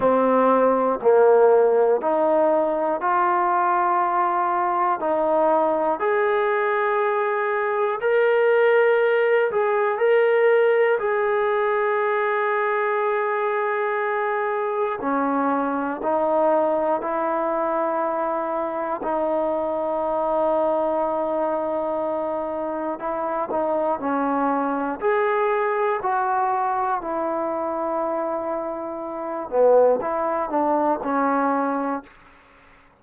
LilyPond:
\new Staff \with { instrumentName = "trombone" } { \time 4/4 \tempo 4 = 60 c'4 ais4 dis'4 f'4~ | f'4 dis'4 gis'2 | ais'4. gis'8 ais'4 gis'4~ | gis'2. cis'4 |
dis'4 e'2 dis'4~ | dis'2. e'8 dis'8 | cis'4 gis'4 fis'4 e'4~ | e'4. b8 e'8 d'8 cis'4 | }